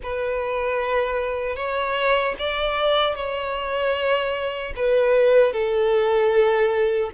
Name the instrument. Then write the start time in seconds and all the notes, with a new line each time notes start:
violin
0.03 B4
1.56 C#5
2.38 D5
3.15 C#5
4.75 B4
5.52 A4